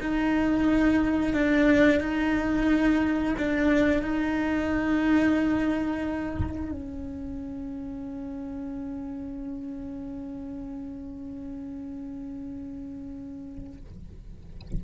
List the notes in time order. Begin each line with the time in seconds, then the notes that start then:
0.00 D#4
1.33 D4
2.00 D#4
3.37 D4
4.02 D#4
6.71 C#4